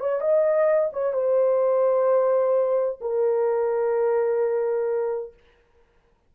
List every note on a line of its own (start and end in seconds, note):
0.00 0.21 C#5
0.21 0.91 D#5
0.93 1.13 C#5
1.13 2.99 C5
3.01 5.34 A#4